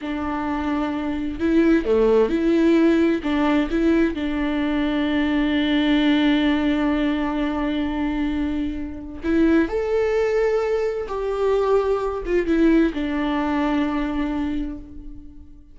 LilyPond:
\new Staff \with { instrumentName = "viola" } { \time 4/4 \tempo 4 = 130 d'2. e'4 | a4 e'2 d'4 | e'4 d'2.~ | d'1~ |
d'1 | e'4 a'2. | g'2~ g'8 f'8 e'4 | d'1 | }